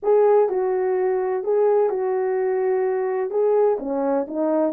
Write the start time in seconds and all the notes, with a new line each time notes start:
0.02 G#4
0.49 F#4
1.43 G#4
1.89 F#4
3.30 G#4
3.79 C#4
4.27 D#4